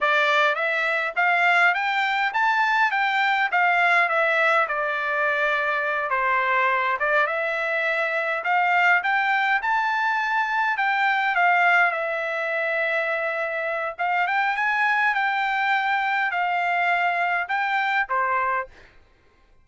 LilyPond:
\new Staff \with { instrumentName = "trumpet" } { \time 4/4 \tempo 4 = 103 d''4 e''4 f''4 g''4 | a''4 g''4 f''4 e''4 | d''2~ d''8 c''4. | d''8 e''2 f''4 g''8~ |
g''8 a''2 g''4 f''8~ | f''8 e''2.~ e''8 | f''8 g''8 gis''4 g''2 | f''2 g''4 c''4 | }